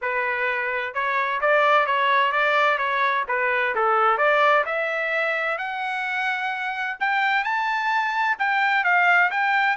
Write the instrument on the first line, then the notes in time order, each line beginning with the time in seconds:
trumpet
0.01 B4
0.93 C#5
1.41 D5
1.86 C#5
2.32 D5
2.78 C#5
3.28 B4
3.75 A4
4.17 D5
4.65 E5
5.58 F#5
7.00 G5
7.43 A5
8.38 G5
8.84 F5
9.30 G5